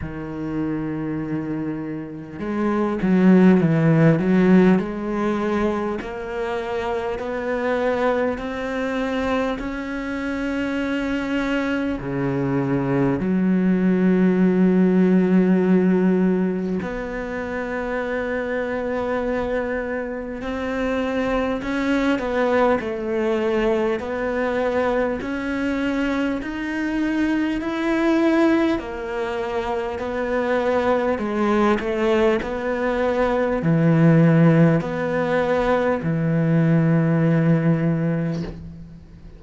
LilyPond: \new Staff \with { instrumentName = "cello" } { \time 4/4 \tempo 4 = 50 dis2 gis8 fis8 e8 fis8 | gis4 ais4 b4 c'4 | cis'2 cis4 fis4~ | fis2 b2~ |
b4 c'4 cis'8 b8 a4 | b4 cis'4 dis'4 e'4 | ais4 b4 gis8 a8 b4 | e4 b4 e2 | }